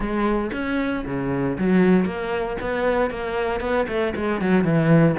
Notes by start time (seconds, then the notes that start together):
0.00 G#3
0.52 C#4
1.05 C#3
1.58 F#3
2.05 A#3
2.60 B3
3.10 A#3
3.60 B3
3.88 A3
4.15 G#3
4.41 F#3
4.63 E3